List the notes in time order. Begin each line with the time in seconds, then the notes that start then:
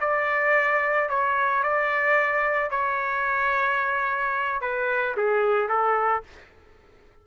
0.00 D5
1.09 C#5
1.63 D5
2.70 C#5
4.61 B4
5.17 G#4
5.68 A4